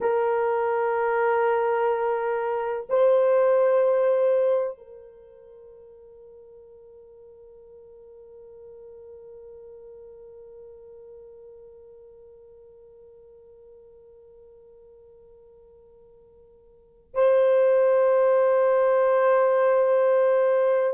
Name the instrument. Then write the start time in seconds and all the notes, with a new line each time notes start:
horn
0.00 A#4
2.89 C5
4.77 A#4
17.14 C5